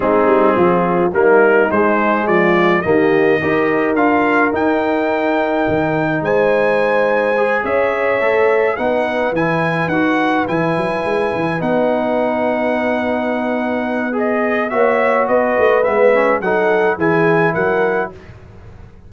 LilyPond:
<<
  \new Staff \with { instrumentName = "trumpet" } { \time 4/4 \tempo 4 = 106 gis'2 ais'4 c''4 | d''4 dis''2 f''4 | g''2. gis''4~ | gis''4. e''2 fis''8~ |
fis''8 gis''4 fis''4 gis''4.~ | gis''8 fis''2.~ fis''8~ | fis''4 dis''4 e''4 dis''4 | e''4 fis''4 gis''4 fis''4 | }
  \new Staff \with { instrumentName = "horn" } { \time 4/4 dis'4 f'4 dis'2 | f'4 g'4 ais'2~ | ais'2. c''4~ | c''4. cis''2 b'8~ |
b'1~ | b'1~ | b'2 cis''4 b'4~ | b'4 a'4 gis'4 ais'4 | }
  \new Staff \with { instrumentName = "trombone" } { \time 4/4 c'2 ais4 gis4~ | gis4 ais4 g'4 f'4 | dis'1~ | dis'4 gis'4. a'4 dis'8~ |
dis'8 e'4 fis'4 e'4.~ | e'8 dis'2.~ dis'8~ | dis'4 gis'4 fis'2 | b8 cis'8 dis'4 e'2 | }
  \new Staff \with { instrumentName = "tuba" } { \time 4/4 gis8 g8 f4 g4 gis4 | f4 dis4 dis'4 d'4 | dis'2 dis4 gis4~ | gis4. cis'4 a4 b8~ |
b8 e4 dis'4 e8 fis8 gis8 | e8 b2.~ b8~ | b2 ais4 b8 a8 | gis4 fis4 e4 fis4 | }
>>